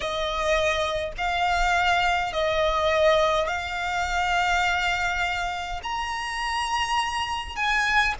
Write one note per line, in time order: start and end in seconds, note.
0.00 1.12 D#5
1.17 2.32 F5
2.32 3.47 D#5
3.47 5.80 F5
5.83 7.56 A#5
7.56 8.14 G#5